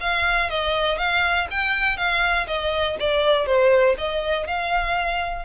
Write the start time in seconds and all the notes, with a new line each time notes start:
0.00 F5
0.50 D#5
0.98 F5
1.50 G5
1.97 F5
2.47 D#5
3.00 D5
3.46 C5
3.98 D#5
4.47 F5